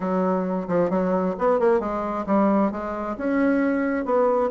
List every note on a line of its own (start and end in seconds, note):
0.00 0.67 F#3
0.67 0.90 F3
0.90 1.35 F#3
1.38 1.59 B3
1.59 1.80 A#3
1.80 2.25 G#3
2.26 2.71 G3
2.71 3.16 G#3
3.17 4.05 C#4
4.05 4.50 B3